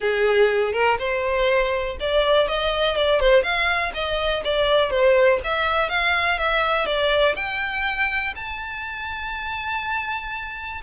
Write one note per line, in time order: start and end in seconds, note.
0.00 0.72 G#4
0.72 0.97 A#4
0.98 1.97 C5
2.00 2.47 D5
2.47 2.96 D#5
2.96 3.19 D5
3.19 3.42 C5
3.42 3.91 F5
3.93 4.43 D#5
4.44 4.90 D5
4.90 5.39 C5
5.44 5.89 E5
5.89 6.38 F5
6.38 6.86 E5
6.86 7.35 D5
7.35 8.34 G5
8.35 10.81 A5